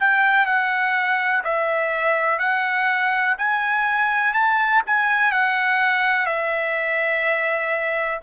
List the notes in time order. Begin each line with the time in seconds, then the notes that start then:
0.00 G5
0.46 F#5
1.44 E5
2.39 F#5
3.38 G#5
4.33 A5
4.86 G#5
5.31 F#5
6.26 E5